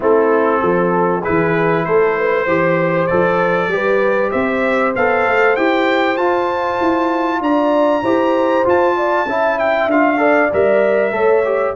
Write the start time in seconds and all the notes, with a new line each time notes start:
0.00 A3 C4 E4 A4
0.60 F3 A4
1.21 E4 G#4 B4
1.28 E3
1.84 A3 A4 C5
2.18 B4
2.44 E3 G4 C5
3.06 F3 A4 D5
3.67 G3 G4 B4
4.30 C4 C5 E5
4.95 B3 A4 F5
5.26 A3
5.56 E4 G4 G5
6.16 F4 A5
6.80 E4
7.41 D4 D5 A#5
8.03 E4 G4 C5
8.64 F4 A5
8.96 D5
9.25 C#4 E4 E5
9.59 G5
9.87 D4 F4 F5
10.17 A4 D5
10.53 G3 A#4 E5
11.12 A3 A4 C#5
11.44 G4